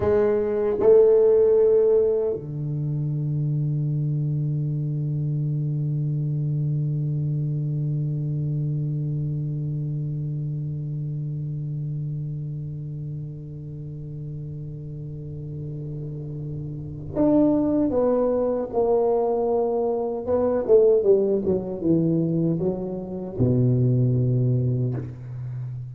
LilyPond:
\new Staff \with { instrumentName = "tuba" } { \time 4/4 \tempo 4 = 77 gis4 a2 d4~ | d1~ | d1~ | d1~ |
d1~ | d2 d'4 b4 | ais2 b8 a8 g8 fis8 | e4 fis4 b,2 | }